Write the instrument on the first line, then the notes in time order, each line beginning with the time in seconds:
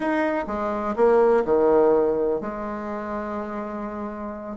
bassoon
0.00 D#4
0.47 G#3
0.95 A#3
1.44 D#3
2.40 G#3